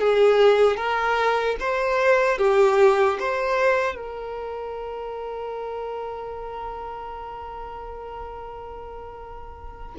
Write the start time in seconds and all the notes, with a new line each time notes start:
0.00 G#4
0.76 A#4
1.60 C5
2.38 G4
3.19 C5
3.95 A#4